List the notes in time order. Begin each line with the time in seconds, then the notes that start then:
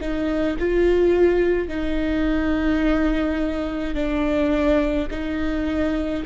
0.00 D#4
0.59 F4
1.68 D#4
3.95 D4
5.10 D#4